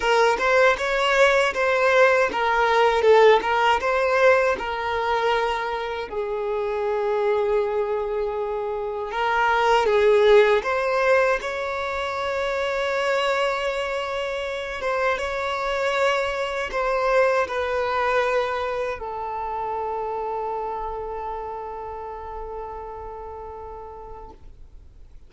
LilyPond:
\new Staff \with { instrumentName = "violin" } { \time 4/4 \tempo 4 = 79 ais'8 c''8 cis''4 c''4 ais'4 | a'8 ais'8 c''4 ais'2 | gis'1 | ais'4 gis'4 c''4 cis''4~ |
cis''2.~ cis''8 c''8 | cis''2 c''4 b'4~ | b'4 a'2.~ | a'1 | }